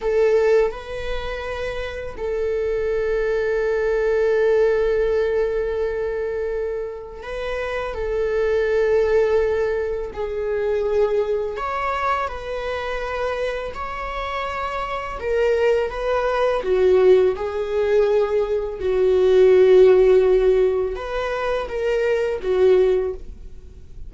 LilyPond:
\new Staff \with { instrumentName = "viola" } { \time 4/4 \tempo 4 = 83 a'4 b'2 a'4~ | a'1~ | a'2 b'4 a'4~ | a'2 gis'2 |
cis''4 b'2 cis''4~ | cis''4 ais'4 b'4 fis'4 | gis'2 fis'2~ | fis'4 b'4 ais'4 fis'4 | }